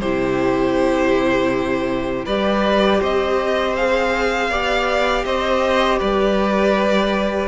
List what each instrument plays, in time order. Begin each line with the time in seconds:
0.00 cello C3, viola E4, violin G4 C5
2.25 cello G3, viola G4, violin B4 D5
3.00 cello C4, violin C5 D#5
3.76 viola G#4, violin F5
4.49 cello B3, viola G4, violin D5
5.25 cello C4, violin C5 D#5
5.99 cello G3, violin B4 D5